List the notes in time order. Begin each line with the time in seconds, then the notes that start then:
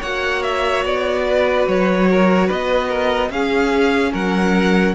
0.00 A#3 F#4 C#5 F#5
0.43 E5
0.85 B3 D5
1.27 B4
1.68 F#3 C#5
2.11 A#4
2.47 B3 B4 D#5
2.89 A#4
3.30 C#4 G#4 F5
4.13 F#3 A#4 F#5